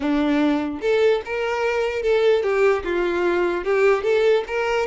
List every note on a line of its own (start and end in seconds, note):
0.00 0.80 D4
0.81 1.21 A4
1.25 2.02 A#4
2.02 2.42 A4
2.42 2.83 G4
2.84 3.64 F4
3.64 4.03 G4
4.03 4.43 A4
4.47 4.86 A#4